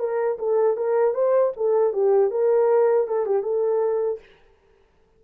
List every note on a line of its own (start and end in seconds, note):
0.00 0.38 A#4
0.39 0.77 A4
0.77 1.15 A#4
1.15 1.53 C5
1.57 1.94 A4
1.94 2.31 G4
2.31 3.08 A#4
3.08 3.26 A4
3.26 3.43 G4
3.43 4.20 A4